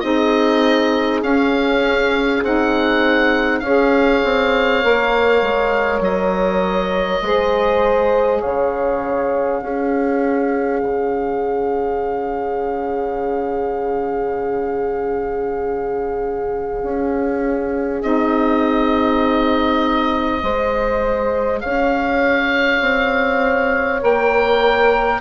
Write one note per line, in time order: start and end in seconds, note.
0.00 1.22 C4
0.00 1.23 D#4
0.00 3.63 G#4
0.00 1.20 D#5
1.22 2.42 C#4
1.22 2.43 C#4
1.22 2.43 F5
2.43 3.61 C4
2.43 3.64 D#4
2.43 3.60 F#5
3.60 4.21 C#4
3.60 4.83 G#4
3.60 7.23 C#5
3.60 6.00 F5
4.24 4.84 C4
4.83 5.42 A#3
4.83 7.23 A#4
5.42 6.00 G#3
6.00 7.20 F#3
6.00 8.42 D#5
7.21 8.42 G#3
7.21 9.62 G#4
7.21 8.41 C5
8.41 9.62 C#3
8.41 9.61 C#5
8.41 18.02 F5
9.62 10.82 C#4
9.62 18.01 C#4
9.62 20.42 G#4
10.83 16.83 C#3
16.83 18.03 C#4
18.01 20.43 C4
18.01 20.41 D#4
18.01 21.60 D#5
20.41 21.63 G#3
20.41 24.01 G#4
20.41 21.62 C5
21.60 22.81 C#4
21.60 25.20 C#5
21.60 24.00 F5
22.81 24.01 C4
24.01 25.20 A#3
24.01 25.20 A#4
24.01 25.20 G5